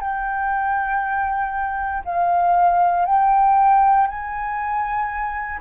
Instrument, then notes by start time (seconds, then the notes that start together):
flute
0.00 G5
2.05 F5
3.05 G5
4.07 G#5